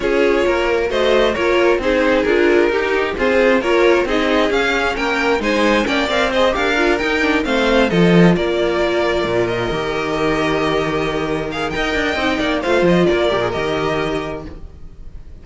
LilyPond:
<<
  \new Staff \with { instrumentName = "violin" } { \time 4/4 \tempo 4 = 133 cis''2 dis''4 cis''4 | c''4 ais'2 c''4 | cis''4 dis''4 f''4 g''4 | gis''4 g''8 f''8 dis''8 f''4 g''8~ |
g''8 f''4 dis''4 d''4.~ | d''4 dis''2.~ | dis''4. f''8 g''2 | f''8 dis''8 d''4 dis''2 | }
  \new Staff \with { instrumentName = "violin" } { \time 4/4 gis'4 ais'4 c''4 ais'4 | gis'2 g'4 gis'4 | ais'4 gis'2 ais'4 | c''4 d''4 c''8 ais'4.~ |
ais'8 c''4 a'4 ais'4.~ | ais'1~ | ais'2 dis''4. d''8 | c''4 ais'2. | }
  \new Staff \with { instrumentName = "viola" } { \time 4/4 f'2 fis'4 f'4 | dis'4 f'4 dis'4 c'4 | f'4 dis'4 cis'2 | dis'4 cis'8 ais'8 gis'8 g'8 f'8 dis'8 |
d'8 c'4 f'2~ f'8~ | f'4. g'2~ g'8~ | g'4. gis'8 ais'4 dis'4 | f'4. g'16 gis'16 g'2 | }
  \new Staff \with { instrumentName = "cello" } { \time 4/4 cis'4 ais4 a4 ais4 | c'4 d'4 dis'4 f'4 | ais4 c'4 cis'4 ais4 | gis4 ais8 c'4 d'4 dis'8~ |
dis'8 a4 f4 ais4.~ | ais8 ais,4 dis2~ dis8~ | dis2 dis'8 d'8 c'8 ais8 | a8 f8 ais8 ais,8 dis2 | }
>>